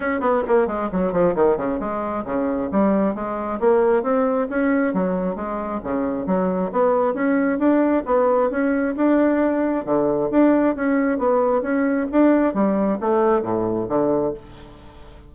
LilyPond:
\new Staff \with { instrumentName = "bassoon" } { \time 4/4 \tempo 4 = 134 cis'8 b8 ais8 gis8 fis8 f8 dis8 cis8 | gis4 cis4 g4 gis4 | ais4 c'4 cis'4 fis4 | gis4 cis4 fis4 b4 |
cis'4 d'4 b4 cis'4 | d'2 d4 d'4 | cis'4 b4 cis'4 d'4 | g4 a4 a,4 d4 | }